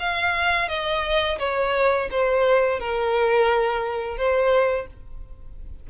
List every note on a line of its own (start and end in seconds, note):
0.00 0.68 F5
0.68 1.38 D#5
1.39 2.09 C#5
2.11 2.80 C5
2.80 4.17 A#4
4.17 4.87 C5